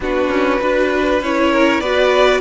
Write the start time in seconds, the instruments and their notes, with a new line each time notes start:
0.00 cello B3, viola D4, violin F#4 B4
0.29 cello C#4
0.59 cello D4, viola F#4, violin B4
1.21 cello C#4, viola E4, violin C#5
1.51 violin A#4
1.80 cello B3, viola F#4, violin B4 D5